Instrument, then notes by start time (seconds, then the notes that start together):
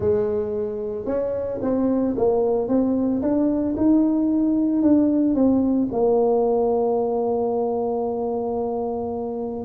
tuba
0.00 G#3
1.05 C#4
1.61 C4
2.16 A#3
2.68 C4
3.21 D4
3.76 D#4
4.82 D4
5.34 C4
5.92 A#3